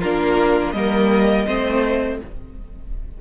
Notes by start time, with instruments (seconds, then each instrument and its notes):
0.00 cello A#3, viola D4, violin F4 A#4
0.72 cello G3, viola A#3, violin A#4 D#5
1.46 cello A3, viola C4, violin C5